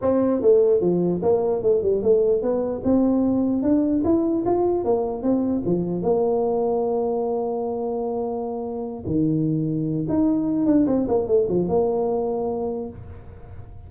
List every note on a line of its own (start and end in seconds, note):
0.01 0.41 C4
0.41 0.80 A3
0.80 1.21 F3
1.22 1.62 A#3
1.62 1.82 A3
1.82 2.02 G3
2.02 2.41 A3
2.41 2.82 B3
2.84 3.62 C4
3.62 4.02 D4
4.04 4.44 E4
4.45 4.84 F4
4.84 5.22 A#3
5.22 5.62 C4
5.65 6.02 F3
6.02 9.04 A#3
9.06 10.06 D#3
10.08 10.66 D#4
10.66 10.86 D4
10.87 11.07 C4
11.08 11.27 A#3
11.27 11.47 A3
11.48 11.68 F3
11.68 12.89 A#3